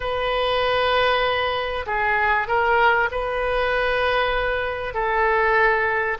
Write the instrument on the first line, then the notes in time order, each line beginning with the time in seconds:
oboe
0.00 B4
1.86 G#4
2.47 A#4
3.11 B4
4.93 A4